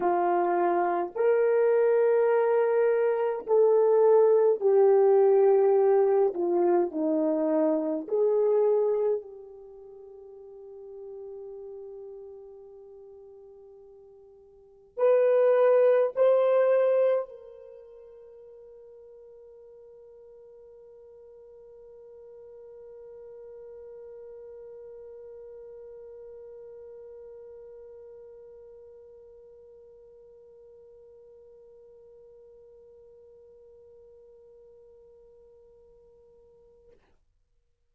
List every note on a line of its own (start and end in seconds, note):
0.00 1.11 F4
1.15 3.46 A#4
3.46 4.60 A4
4.60 6.33 G4
6.34 6.91 F4
6.91 8.06 D#4
8.08 9.21 G#4
9.21 14.97 G4
14.97 16.12 B4
16.15 17.29 C5
17.29 36.90 A#4